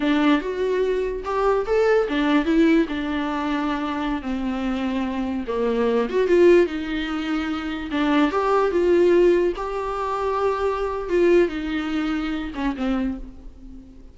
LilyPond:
\new Staff \with { instrumentName = "viola" } { \time 4/4 \tempo 4 = 146 d'4 fis'2 g'4 | a'4 d'4 e'4 d'4~ | d'2~ d'16 c'4.~ c'16~ | c'4~ c'16 ais4. fis'8 f'8.~ |
f'16 dis'2. d'8.~ | d'16 g'4 f'2 g'8.~ | g'2. f'4 | dis'2~ dis'8 cis'8 c'4 | }